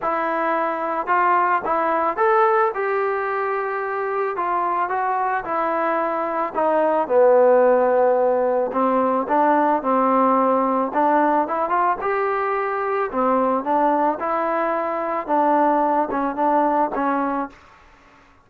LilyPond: \new Staff \with { instrumentName = "trombone" } { \time 4/4 \tempo 4 = 110 e'2 f'4 e'4 | a'4 g'2. | f'4 fis'4 e'2 | dis'4 b2. |
c'4 d'4 c'2 | d'4 e'8 f'8 g'2 | c'4 d'4 e'2 | d'4. cis'8 d'4 cis'4 | }